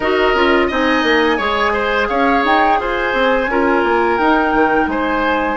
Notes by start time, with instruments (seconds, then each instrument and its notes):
0.00 bassoon D#4, clarinet F#4, oboe A#4, flute D#5
0.34 bassoon C#4, clarinet F4
0.67 bassoon C4, clarinet D#4, oboe D#5, flute G#5
1.03 bassoon A#3
1.37 bassoon G#3, clarinet G#4, oboe C#5
1.72 oboe C5
2.08 bassoon C#4, oboe C#5, flute F5
2.44 bassoon D#4, flute G5
2.79 bassoon F4, oboe C5, flute G#5
3.13 bassoon C4
3.47 bassoon C#4, clarinet F4, oboe A#4
3.84 bassoon A#3
4.17 bassoon D#4, clarinet D#4, flute G5
4.53 bassoon D#3
4.86 bassoon G#3, oboe C5, flute G#5